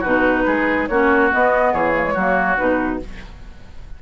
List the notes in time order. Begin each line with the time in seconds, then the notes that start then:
0.00 B2 D#4 F#4 B4
0.46 G#3 G#4
0.87 A#3 C#4 F#4 C#5
1.31 B3 D#5
1.73 E3 G#4 C#5
1.95 A#3
2.03 G#3
2.14 F#3 A#3 F#4
2.57 B2 D#4 B4